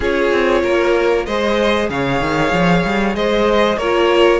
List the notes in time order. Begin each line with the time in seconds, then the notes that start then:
0.00 C#4 F4 G#4 C#5
0.31 C4
0.62 A#3 A#4
1.26 G#3 G#4 C5 D#5
1.89 C#3 C#5 F5
2.20 D#3
2.52 F3
2.84 G3
3.15 G#3 C5 D#5
3.77 A#3 F4 A#4 C#5